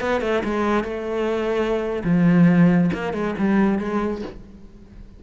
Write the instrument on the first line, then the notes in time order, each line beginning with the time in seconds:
cello
0.00 B3
0.21 A3
0.44 G#3
0.83 A3
2.03 F3
2.93 A#3
3.13 G#3
3.38 G3
3.78 G#3